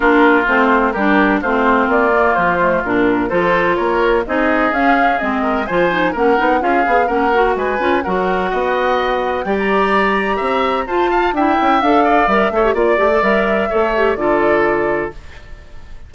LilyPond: <<
  \new Staff \with { instrumentName = "flute" } { \time 4/4 \tempo 4 = 127 ais'4 c''4 ais'4 c''4 | d''4 c''4 ais'4 c''4 | cis''4 dis''4 f''4 dis''4 | gis''4 fis''4 f''4 fis''4 |
gis''4 fis''2. | g''16 ais''2~ ais''8. a''4 | g''4 f''4 e''4 d''4 | e''2 d''2 | }
  \new Staff \with { instrumentName = "oboe" } { \time 4/4 f'2 g'4 f'4~ | f'2. a'4 | ais'4 gis'2~ gis'8 ais'8 | c''4 ais'4 gis'4 ais'4 |
b'4 ais'4 dis''2 | d''2 e''4 c''8 f''8 | e''4. d''4 cis''8 d''4~ | d''4 cis''4 a'2 | }
  \new Staff \with { instrumentName = "clarinet" } { \time 4/4 d'4 c'4 d'4 c'4~ | c'8 ais4 a8 d'4 f'4~ | f'4 dis'4 cis'4 c'4 | f'8 dis'8 cis'8 dis'8 f'8 gis'8 cis'8 fis'8~ |
fis'8 f'8 fis'2. | g'2. f'4 | e'4 a'4 ais'8 a'16 g'16 f'8 g'16 a'16 | ais'4 a'8 g'8 f'2 | }
  \new Staff \with { instrumentName = "bassoon" } { \time 4/4 ais4 a4 g4 a4 | ais4 f4 ais,4 f4 | ais4 c'4 cis'4 gis4 | f4 ais8 b8 cis'8 b8 ais4 |
gis8 cis'8 fis4 b2 | g2 c'4 f'4 | d'8 cis'8 d'4 g8 a8 ais8 a8 | g4 a4 d2 | }
>>